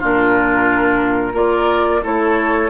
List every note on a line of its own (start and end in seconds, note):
0.00 1.34 A#2
0.00 1.34 D4
0.00 1.34 F4
0.00 1.37 A#4
1.34 2.01 A#3
1.34 2.02 F4
1.34 2.01 A#4
1.34 2.04 D5
2.03 2.70 A3
2.03 2.70 E4
2.03 2.70 A4
2.03 2.70 C#5